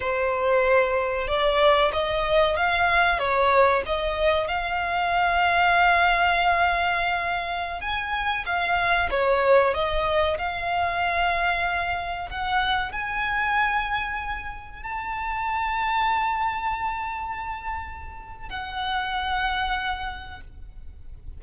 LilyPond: \new Staff \with { instrumentName = "violin" } { \time 4/4 \tempo 4 = 94 c''2 d''4 dis''4 | f''4 cis''4 dis''4 f''4~ | f''1~ | f''16 gis''4 f''4 cis''4 dis''8.~ |
dis''16 f''2. fis''8.~ | fis''16 gis''2. a''8.~ | a''1~ | a''4 fis''2. | }